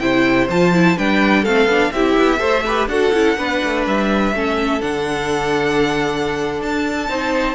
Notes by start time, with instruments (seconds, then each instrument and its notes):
0.00 cello C3, viola E4, violin C5 G5
0.49 cello F3, viola F4, violin A5
0.74 viola E4
0.98 cello G3, viola D4, violin B4 G5
1.43 cello A3, viola C4, violin A4 F5
1.66 cello B3, viola D4
1.92 cello C4, viola E4, violin G4 E5
2.18 cello B3
2.39 cello A3, viola A4, violin C5
2.66 viola G4, violin B4
2.88 cello D4, viola F#4, violin A4 F#5
3.13 cello C#4, viola E4
3.38 cello B3, viola D4, violin B4
3.64 cello A3
3.87 cello G3, violin E5
4.33 cello A3, viola C#4, violin A4
4.81 cello D3, viola D4, violin F#5
6.62 cello D4, violin A5
7.09 cello C4, viola D#4, violin C5